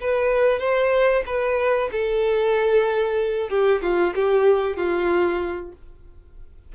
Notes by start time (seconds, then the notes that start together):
0.00 B4
0.59 C5
1.26 B4
1.91 A4
3.49 G4
3.82 F4
4.15 G4
4.76 F4